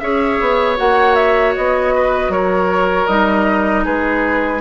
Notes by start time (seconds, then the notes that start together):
0.00 C#4 G#4 C#5 E5
0.40 B3
0.77 A#3 F#4 F#5
1.15 E5
1.56 B3 D#5
1.95 B4
2.29 F#3 A#4 C#5
3.07 G3 D#4 D#5
3.85 G#3 G#4 B4